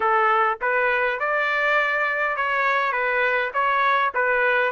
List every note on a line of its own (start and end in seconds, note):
0.00 0.58 A4
0.61 1.19 B4
1.19 2.36 D5
2.36 2.92 C#5
2.92 3.51 B4
3.53 4.12 C#5
4.14 4.71 B4